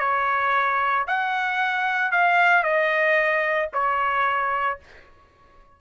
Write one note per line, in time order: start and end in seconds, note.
0.00 1.06 C#5
1.08 2.12 F#5
2.12 2.64 F5
2.64 3.70 D#5
3.74 4.80 C#5